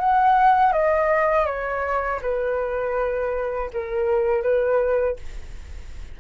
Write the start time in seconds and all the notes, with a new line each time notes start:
0.00 F#5
0.73 D#5
1.46 C#5
2.22 B4
3.73 A#4
4.42 B4